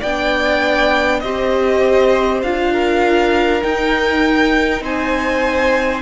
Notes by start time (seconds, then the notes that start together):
0.00 B3 D4 D5 G5
1.20 C4 G4 C5 D#5
2.43 D4 F4 F5
2.73 A#4
3.62 D#4 G5
4.81 C4 C5 G#5